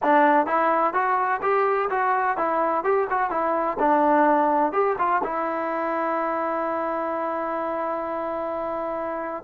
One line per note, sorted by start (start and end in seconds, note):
0.02 0.46 D4
0.46 0.93 E4
0.93 1.40 F#4
1.42 1.89 G4
1.90 2.37 F#4
2.37 2.83 E4
2.83 3.07 G4
3.09 3.30 F#4
3.30 3.77 E4
3.79 4.72 D4
4.72 4.96 G4
4.98 5.22 F4
5.23 9.43 E4